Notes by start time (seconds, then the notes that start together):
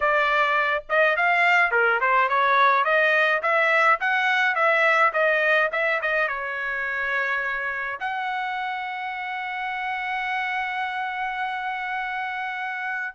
0.00 D5
0.89 D#5
1.16 F5
1.71 A#4
2.00 C5
2.28 C#5
2.84 D#5
3.42 E5
4.00 F#5
4.55 E5
5.13 D#5
5.72 E5
6.01 D#5
6.28 C#5
8.00 F#5